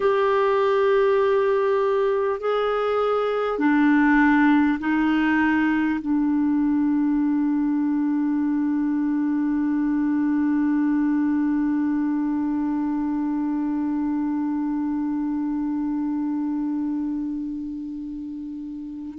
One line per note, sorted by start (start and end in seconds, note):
0.00 2.39 G4
2.39 3.58 G#4
3.58 4.78 D4
4.79 5.99 D#4
6.01 19.18 D4